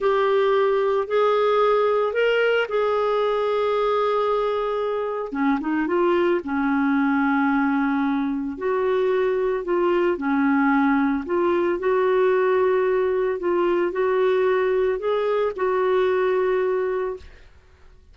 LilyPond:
\new Staff \with { instrumentName = "clarinet" } { \time 4/4 \tempo 4 = 112 g'2 gis'2 | ais'4 gis'2.~ | gis'2 cis'8 dis'8 f'4 | cis'1 |
fis'2 f'4 cis'4~ | cis'4 f'4 fis'2~ | fis'4 f'4 fis'2 | gis'4 fis'2. | }